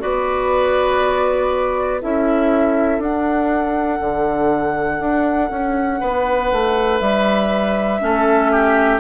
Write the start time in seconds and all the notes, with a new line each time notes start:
0.00 B3 F#4 B4 D5
2.01 C#4 E4 A4 E5
2.99 D4 F#5
4.00 D3
5.00 D4
5.51 C#4
6.00 B3 B4
6.52 A3
7.00 G3 E5
8.01 A3 C#4 A4
8.52 G4